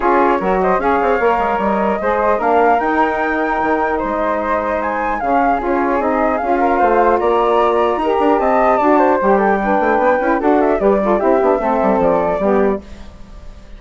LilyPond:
<<
  \new Staff \with { instrumentName = "flute" } { \time 4/4 \tempo 4 = 150 cis''4. dis''8 f''2 | dis''2 f''4 g''4~ | g''2 dis''2 | gis''4 f''4 cis''4 dis''4 |
f''2 ais''2~ | ais''4 a''2 g''4~ | g''2 fis''8 e''8 d''4 | e''2 d''2 | }
  \new Staff \with { instrumentName = "flute" } { \time 4/4 gis'4 ais'8 c''8 cis''2~ | cis''4 c''4 ais'2~ | ais'2 c''2~ | c''4 gis'2.~ |
gis'8 ais'8 c''4 d''2 | ais'4 dis''4 d''8 c''4 a'8 | b'2 a'4 b'8 a'8 | g'4 a'2 g'4 | }
  \new Staff \with { instrumentName = "saxophone" } { \time 4/4 f'4 fis'4 gis'4 ais'4~ | ais'4 gis'4 d'4 dis'4~ | dis'1~ | dis'4 cis'4 f'4 dis'4 |
f'1 | g'2 fis'4 g'4 | d'4. e'8 fis'4 g'8 f'8 | e'8 d'8 c'2 b4 | }
  \new Staff \with { instrumentName = "bassoon" } { \time 4/4 cis'4 fis4 cis'8 c'8 ais8 gis8 | g4 gis4 ais4 dis'4~ | dis'4 dis4 gis2~ | gis4 cis4 cis'4 c'4 |
cis'4 a4 ais2 | dis'8 d'8 c'4 d'4 g4~ | g8 a8 b8 cis'8 d'4 g4 | c'8 b8 a8 g8 f4 g4 | }
>>